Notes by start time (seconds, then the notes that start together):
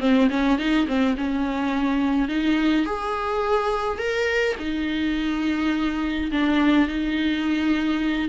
0.00 C4
0.30 C#4
0.58 D#4
0.88 C4
1.17 C#4
2.29 D#4
2.86 G#4
3.99 A#4
4.59 D#4
6.32 D4
6.88 D#4